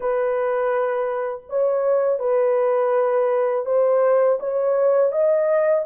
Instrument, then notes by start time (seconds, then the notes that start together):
horn
0.00 B4
1.49 C#5
2.19 B4
3.65 C5
4.39 C#5
5.12 D#5